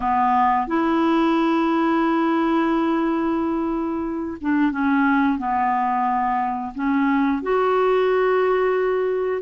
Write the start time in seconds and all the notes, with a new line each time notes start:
0.00 B3
0.67 E4
4.40 D4
4.71 C#4
5.38 B3
6.74 C#4
7.42 F#4